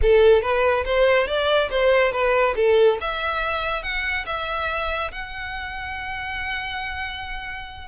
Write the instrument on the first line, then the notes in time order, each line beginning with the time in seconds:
violin
0.02 A4
0.42 B4
0.84 C5
1.27 D5
1.70 C5
2.12 B4
2.56 A4
3.00 E5
3.82 F#5
4.26 E5
5.11 F#5